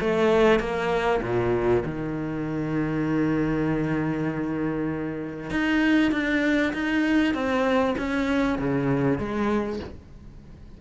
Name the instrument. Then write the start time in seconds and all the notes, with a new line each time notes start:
cello
0.00 A3
0.60 A#3
1.22 A#2
1.85 D#3
5.50 D#4
6.12 D4
6.73 D#4
7.34 C4
7.98 C#4
8.58 C#3
9.18 G#3